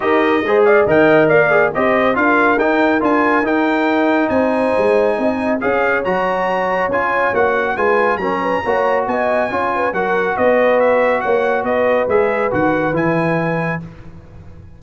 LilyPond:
<<
  \new Staff \with { instrumentName = "trumpet" } { \time 4/4 \tempo 4 = 139 dis''4. f''8 g''4 f''4 | dis''4 f''4 g''4 gis''4 | g''2 gis''2~ | gis''4 f''4 ais''2 |
gis''4 fis''4 gis''4 ais''4~ | ais''4 gis''2 fis''4 | dis''4 e''4 fis''4 dis''4 | e''4 fis''4 gis''2 | }
  \new Staff \with { instrumentName = "horn" } { \time 4/4 ais'4 c''8 d''8 dis''4 d''4 | c''4 ais'2.~ | ais'2 c''2 | dis''4 cis''2.~ |
cis''2 b'4 ais'8 b'8 | cis''4 dis''4 cis''8 b'8 ais'4 | b'2 cis''4 b'4~ | b'1 | }
  \new Staff \with { instrumentName = "trombone" } { \time 4/4 g'4 gis'4 ais'4. gis'8 | g'4 f'4 dis'4 f'4 | dis'1~ | dis'4 gis'4 fis'2 |
f'4 fis'4 f'4 cis'4 | fis'2 f'4 fis'4~ | fis'1 | gis'4 fis'4 e'2 | }
  \new Staff \with { instrumentName = "tuba" } { \time 4/4 dis'4 gis4 dis4 ais4 | c'4 d'4 dis'4 d'4 | dis'2 c'4 gis4 | c'4 cis'4 fis2 |
cis'4 ais4 gis4 fis4 | ais4 b4 cis'4 fis4 | b2 ais4 b4 | gis4 dis4 e2 | }
>>